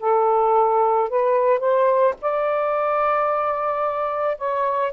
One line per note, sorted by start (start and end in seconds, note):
0.00 1.10 A4
1.10 1.60 B4
1.60 2.15 C5
2.22 4.38 D5
4.38 4.93 C#5